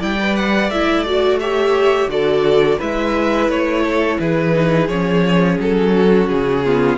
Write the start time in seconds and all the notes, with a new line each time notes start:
0.00 G3 E4 D5 G5
0.20 B4
0.36 F#5
0.71 A3 E4 E5
1.04 F#4 D5
1.40 G4 C#5 E5
2.08 D3 F#4 A4 D5
2.79 G#3 E4 B4 E5
3.49 A3 C#5
3.84 A4
4.20 E3 G#4 B4
4.54 D#4
4.88 F3 C#4 C#5
5.60 F#3 A4
5.97 F#4
6.29 C#3 G#4
6.66 B3 F4